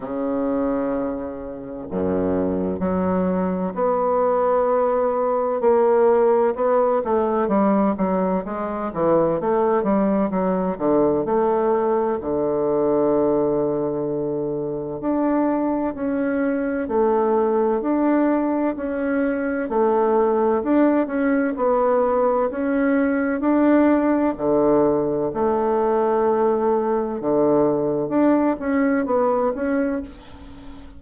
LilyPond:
\new Staff \with { instrumentName = "bassoon" } { \time 4/4 \tempo 4 = 64 cis2 fis,4 fis4 | b2 ais4 b8 a8 | g8 fis8 gis8 e8 a8 g8 fis8 d8 | a4 d2. |
d'4 cis'4 a4 d'4 | cis'4 a4 d'8 cis'8 b4 | cis'4 d'4 d4 a4~ | a4 d4 d'8 cis'8 b8 cis'8 | }